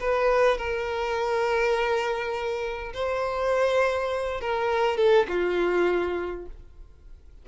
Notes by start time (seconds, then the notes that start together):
0.00 B4
0.58 A#4
2.94 C5
4.41 A#4
4.97 A4
5.28 F4